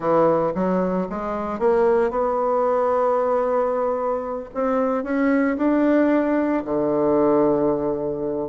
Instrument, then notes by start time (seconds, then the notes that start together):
bassoon
0.00 E3
0.54 F#3
1.09 G#3
1.59 A#3
2.10 B3
4.54 C4
5.03 C#4
5.57 D4
6.64 D3